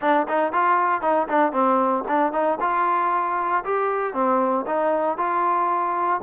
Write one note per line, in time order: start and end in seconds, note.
0.01 0.27 D4
0.28 0.52 D#4
0.52 1.01 F4
1.01 1.27 D#4
1.28 1.52 D4
1.52 2.04 C4
2.08 2.32 D4
2.32 2.58 D#4
2.60 3.63 F4
3.64 4.13 G4
4.13 4.65 C4
4.66 5.17 D#4
5.17 6.21 F4